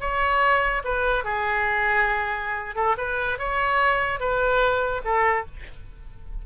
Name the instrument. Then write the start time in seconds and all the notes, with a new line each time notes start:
oboe
0.00 C#5
0.84 B4
1.24 G#4
2.75 A4
2.97 B4
3.38 C#5
4.19 B4
5.04 A4